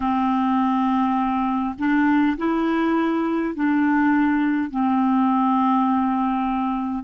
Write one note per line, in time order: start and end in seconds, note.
0.00 1.75 C4
1.78 2.37 D4
2.37 3.55 E4
3.55 4.70 D4
4.70 7.04 C4